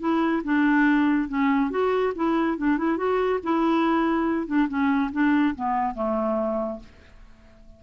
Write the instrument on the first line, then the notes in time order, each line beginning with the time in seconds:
clarinet
0.00 E4
0.44 D4
1.29 C#4
1.71 F#4
2.15 E4
2.58 D4
2.78 E4
2.97 F#4
3.43 E4
4.47 D4
4.68 C#4
5.12 D4
5.56 B3
5.95 A3